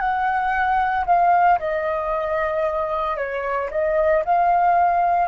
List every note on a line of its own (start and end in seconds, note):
0.00 1.05 F#5
1.06 1.59 F5
1.59 3.17 D#5
3.17 3.70 C#5
3.71 4.24 D#5
4.25 5.28 F5